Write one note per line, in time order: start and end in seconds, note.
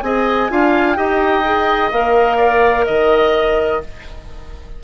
0.00 0.50 C4
0.00 0.49 G#4
0.00 0.51 D#5
0.00 0.95 G#5
0.49 0.97 D4
0.49 0.96 F4
0.49 0.97 F5
0.95 1.92 D#4
0.95 1.43 G4
0.95 2.37 D#5
0.95 1.90 G5
1.44 1.92 G#4
1.92 2.87 A#3
1.92 3.83 A#4
1.92 2.85 F5
2.37 2.85 D5
2.85 3.83 D#3
2.85 3.80 D#5
2.85 3.82 D#5